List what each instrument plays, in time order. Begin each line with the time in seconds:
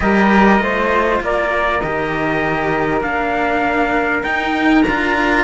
0.00 cello G3 G4, flute A#4, trumpet D#5
0.59 cello A3 F4, flute C5
1.20 cello A#3, flute A#4, trumpet D5
1.80 cello D#3 G4, trumpet D#5
3.01 cello A#3 D4, trumpet F5
4.23 cello D#4, trumpet G5
4.82 cello D4 F4, trumpet A#5